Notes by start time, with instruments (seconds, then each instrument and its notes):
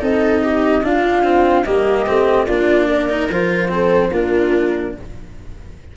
0.00 tuba C4, cello D#4, viola A4, flute D#5
0.43 viola G4
0.84 cello D4, tuba D4, viola F4, flute F5
1.23 cello C4
1.64 tuba G3, cello A#3, viola G4, flute D#5
2.07 tuba A3, cello C4
2.47 tuba A#3, cello D4, viola F4, flute D5
2.89 viola A#4
3.10 cello D#4
3.30 tuba F3, cello F4, flute C5
3.69 cello C4, viola A4
4.11 tuba A#3, cello D4, viola F4, flute A#4